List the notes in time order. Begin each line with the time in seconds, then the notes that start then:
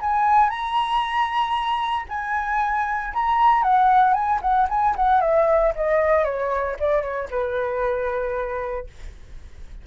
0.00 G#5
0.49 A#5
2.08 G#5
3.13 A#5
3.62 F#5
4.13 G#5
4.41 F#5
4.69 G#5
4.96 F#5
5.21 E5
5.75 D#5
6.24 C#5
6.79 D5
7.02 C#5
7.30 B4